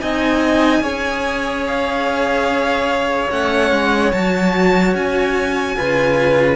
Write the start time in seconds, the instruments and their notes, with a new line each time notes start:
0.00 cello C4 D#4, violin D#5 G#5
0.80 cello C#4 G#4, violin C#5
1.67 violin F5
3.29 cello A3 C#4, violin F#5
3.71 cello G#3
4.11 cello F#3 F#4, violin A5
4.94 cello C#4, violin G#5
5.76 cello C#3 F4, violin B4